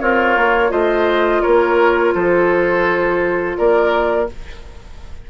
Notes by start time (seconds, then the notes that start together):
0.00 C4 F4 A#4 C#5
0.36 A#3
0.69 A3 F4 C5 D#5
1.42 A#3 A#4 C#5
2.14 F3 A4 C5
3.57 A#3 A#4 D5